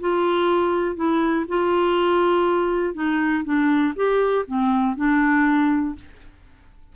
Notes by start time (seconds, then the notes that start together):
0.00 F4
0.96 E4
1.48 F4
2.94 D#4
3.44 D4
3.96 G4
4.47 C4
4.96 D4